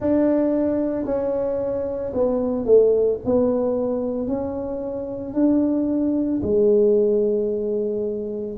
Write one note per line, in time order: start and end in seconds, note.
0.00 1.05 D4
1.05 2.12 C#4
2.13 2.65 B3
2.65 3.19 A3
3.25 4.27 B3
4.27 5.33 C#4
5.33 6.40 D4
6.42 8.57 G#3